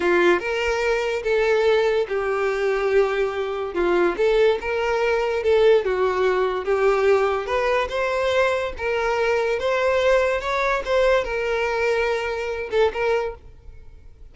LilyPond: \new Staff \with { instrumentName = "violin" } { \time 4/4 \tempo 4 = 144 f'4 ais'2 a'4~ | a'4 g'2.~ | g'4 f'4 a'4 ais'4~ | ais'4 a'4 fis'2 |
g'2 b'4 c''4~ | c''4 ais'2 c''4~ | c''4 cis''4 c''4 ais'4~ | ais'2~ ais'8 a'8 ais'4 | }